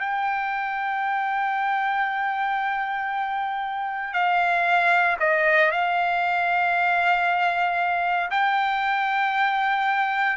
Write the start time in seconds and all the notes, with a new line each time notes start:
0.00 G5
4.14 F5
5.20 D#5
5.71 F5
8.31 G5